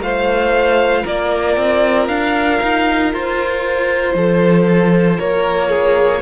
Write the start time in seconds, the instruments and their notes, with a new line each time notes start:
0.00 cello A3, viola F4, violin C5 F5
1.03 cello A#3, violin A#4 D5
1.57 cello C4
2.08 cello D4, violin F5
2.62 cello D#4
3.14 cello F4, violin C5
4.15 cello F3, violin A4
5.18 cello A#3, violin A#4 C#5
5.69 violin G#4